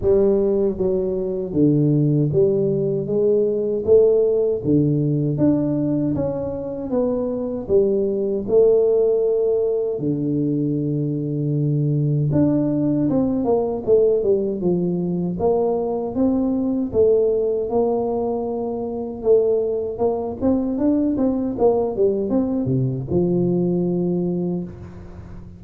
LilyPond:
\new Staff \with { instrumentName = "tuba" } { \time 4/4 \tempo 4 = 78 g4 fis4 d4 g4 | gis4 a4 d4 d'4 | cis'4 b4 g4 a4~ | a4 d2. |
d'4 c'8 ais8 a8 g8 f4 | ais4 c'4 a4 ais4~ | ais4 a4 ais8 c'8 d'8 c'8 | ais8 g8 c'8 c8 f2 | }